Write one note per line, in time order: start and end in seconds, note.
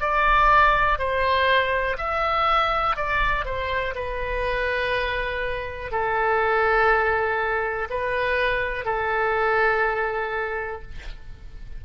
0.00 0.98 D5
0.99 1.97 C5
1.98 2.96 E5
2.96 3.45 D5
3.45 3.94 C5
3.95 5.92 B4
5.92 7.88 A4
7.90 8.85 B4
8.85 10.82 A4